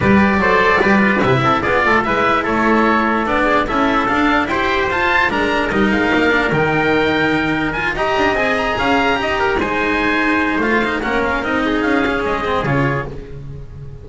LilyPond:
<<
  \new Staff \with { instrumentName = "oboe" } { \time 4/4 \tempo 4 = 147 d''2. e''4 | d''4 e''4 cis''2 | d''4 e''4 f''4 g''4 | a''4 ais''4 dis''8 f''4. |
g''2. gis''8 ais''8~ | ais''8 gis''8 ais''2~ ais''8 gis''8~ | gis''2 f''4 fis''8 f''8 | dis''4 f''4 dis''4 cis''4 | }
  \new Staff \with { instrumentName = "trumpet" } { \time 4/4 b'4 c''4 b'4. a'8 | gis'8 a'8 b'4 a'2~ | a'8 gis'8 a'2 c''4~ | c''4 ais'2.~ |
ais'2.~ ais'8 dis''8~ | dis''4. f''4 dis''8 ais'8 c''8~ | c''2. ais'4~ | ais'8 gis'2.~ gis'8 | }
  \new Staff \with { instrumentName = "cello" } { \time 4/4 g'4 a'4 g'8 f'8 e'4 | f'4 e'2. | d'4 e'4 d'4 g'4 | f'4 d'4 dis'4. d'8 |
dis'2. f'8 g'8~ | g'8 gis'2 g'4 dis'8~ | dis'2 f'8 dis'8 cis'4 | dis'4. cis'4 c'8 f'4 | }
  \new Staff \with { instrumentName = "double bass" } { \time 4/4 g4 fis4 g4 c8 c'8 | b8 a8 gis4 a2 | b4 cis'4 d'4 e'4 | f'4 gis4 g8 gis8 ais4 |
dis2.~ dis8 dis'8 | d'8 c'4 cis'4 dis'4 gis8~ | gis2 a4 ais4 | c'4 cis'4 gis4 cis4 | }
>>